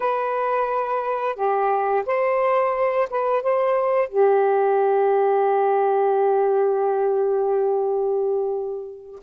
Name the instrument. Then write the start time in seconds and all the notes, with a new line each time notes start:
saxophone
0.00 B4
1.35 G4
2.05 C5
3.10 B4
3.42 C5
4.08 G4